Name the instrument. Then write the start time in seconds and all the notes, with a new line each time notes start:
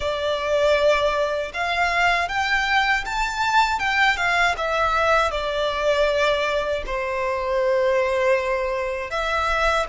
violin
0.00 D5
1.53 F5
2.28 G5
3.05 A5
3.79 G5
4.16 F5
4.57 E5
5.31 D5
6.86 C5
9.10 E5